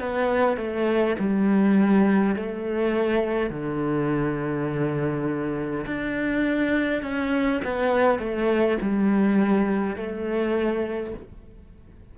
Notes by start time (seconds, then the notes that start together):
0.00 B3
0.57 A3
1.19 G3
2.36 A3
3.50 D3
5.86 D4
7.02 C#4
7.64 B3
8.19 A3
8.81 G3
9.96 A3